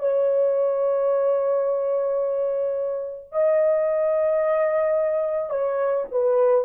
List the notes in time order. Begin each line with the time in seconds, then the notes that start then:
0.00 C#5
3.32 D#5
5.50 C#5
6.12 B4